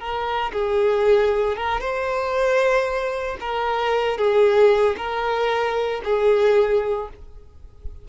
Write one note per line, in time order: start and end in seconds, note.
0.00 0.52 A#4
0.53 1.57 G#4
1.57 1.81 A#4
1.81 3.37 C5
3.41 4.18 A#4
4.18 4.96 G#4
4.97 6.02 A#4
6.05 7.09 G#4